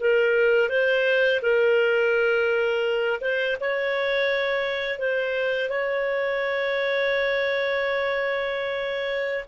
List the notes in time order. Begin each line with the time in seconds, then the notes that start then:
0.00 A#4
0.69 C5
1.42 A#4
3.21 C5
3.60 C#5
4.99 C5
5.69 C#5